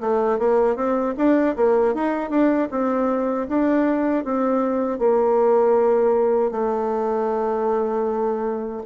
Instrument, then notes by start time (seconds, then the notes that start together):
bassoon
0.00 A3
0.38 A#3
0.76 C4
1.17 D4
1.56 A#3
1.94 D#4
2.30 D4
2.70 C4
3.48 D4
4.24 C4
4.98 A#3
6.51 A3